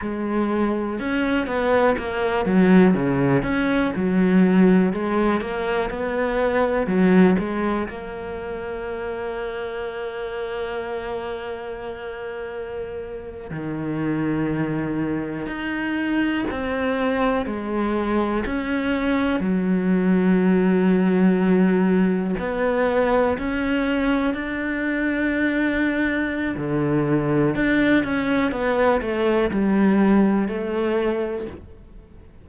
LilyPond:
\new Staff \with { instrumentName = "cello" } { \time 4/4 \tempo 4 = 61 gis4 cis'8 b8 ais8 fis8 cis8 cis'8 | fis4 gis8 ais8 b4 fis8 gis8 | ais1~ | ais4.~ ais16 dis2 dis'16~ |
dis'8. c'4 gis4 cis'4 fis16~ | fis2~ fis8. b4 cis'16~ | cis'8. d'2~ d'16 d4 | d'8 cis'8 b8 a8 g4 a4 | }